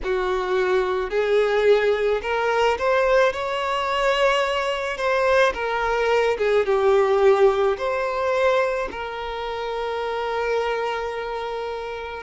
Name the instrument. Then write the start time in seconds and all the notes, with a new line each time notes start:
violin
0.03 F#4
1.10 G#4
2.22 A#4
2.78 C5
3.32 C#5
4.97 C5
5.54 A#4
6.38 G#4
6.65 G4
7.77 C5
8.91 A#4